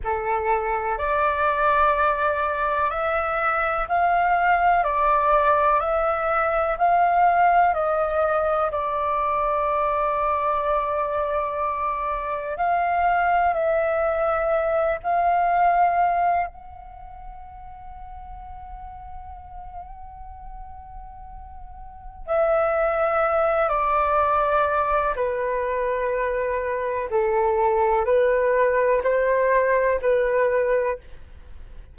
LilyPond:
\new Staff \with { instrumentName = "flute" } { \time 4/4 \tempo 4 = 62 a'4 d''2 e''4 | f''4 d''4 e''4 f''4 | dis''4 d''2.~ | d''4 f''4 e''4. f''8~ |
f''4 fis''2.~ | fis''2. e''4~ | e''8 d''4. b'2 | a'4 b'4 c''4 b'4 | }